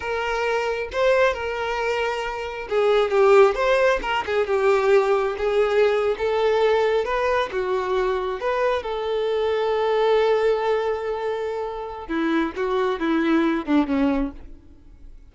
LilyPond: \new Staff \with { instrumentName = "violin" } { \time 4/4 \tempo 4 = 134 ais'2 c''4 ais'4~ | ais'2 gis'4 g'4 | c''4 ais'8 gis'8 g'2 | gis'4.~ gis'16 a'2 b'16~ |
b'8. fis'2 b'4 a'16~ | a'1~ | a'2. e'4 | fis'4 e'4. d'8 cis'4 | }